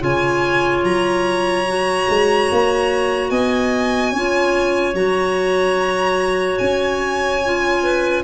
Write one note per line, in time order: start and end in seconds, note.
0.00 0.84 C#3
0.00 1.64 F4
0.00 3.30 C#5
0.00 0.84 G#5
0.84 2.07 F#3
0.84 3.30 A#5
1.67 4.14 F#4
2.09 2.50 G#3
2.51 3.30 A#3
3.30 4.12 B3
3.30 4.11 D#5
3.30 4.94 G#5
4.11 4.94 C#4
4.11 4.94 F4
4.11 7.81 C#5
4.94 6.58 F#3
4.94 7.41 F#4
4.94 6.58 A#5
6.58 8.23 C#4
6.58 8.22 G#5
7.45 8.23 F4
7.82 8.23 B4